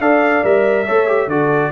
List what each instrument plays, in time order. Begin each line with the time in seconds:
0.00 tuba D4, trombone A4, horn D5, trumpet F5
0.44 tuba G3, trombone A#4, trumpet E5
0.86 tuba A3, trombone A4, horn C#5
1.08 trombone G4
1.28 tuba D3, trombone F#4, horn A4, trumpet D5